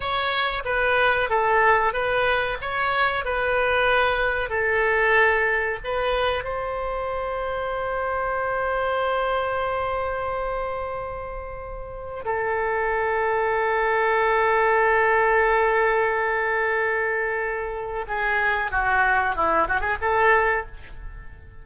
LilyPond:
\new Staff \with { instrumentName = "oboe" } { \time 4/4 \tempo 4 = 93 cis''4 b'4 a'4 b'4 | cis''4 b'2 a'4~ | a'4 b'4 c''2~ | c''1~ |
c''2. a'4~ | a'1~ | a'1 | gis'4 fis'4 e'8 fis'16 gis'16 a'4 | }